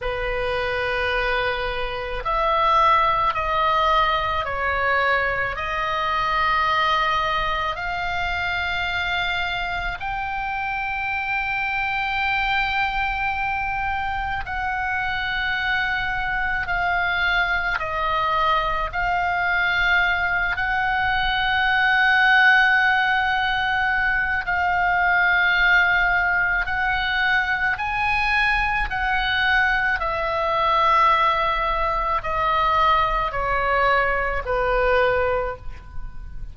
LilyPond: \new Staff \with { instrumentName = "oboe" } { \time 4/4 \tempo 4 = 54 b'2 e''4 dis''4 | cis''4 dis''2 f''4~ | f''4 g''2.~ | g''4 fis''2 f''4 |
dis''4 f''4. fis''4.~ | fis''2 f''2 | fis''4 gis''4 fis''4 e''4~ | e''4 dis''4 cis''4 b'4 | }